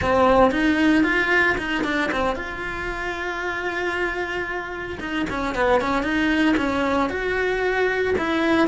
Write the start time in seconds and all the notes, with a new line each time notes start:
0.01 C4
0.51 D#4
1.03 F4
1.57 D#4
1.84 D4
2.11 C4
2.35 F4
5.00 D#4
5.29 C#4
5.54 B3
5.80 C#4
6.02 D#4
6.56 C#4
7.09 F#4
8.18 E4